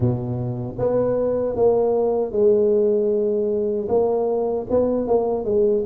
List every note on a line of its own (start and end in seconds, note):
0.00 0.76 B2
0.78 1.55 B3
1.55 2.32 A#3
2.32 3.87 G#3
3.88 4.66 A#3
4.70 5.07 B3
5.07 5.44 A#3
5.44 5.83 G#3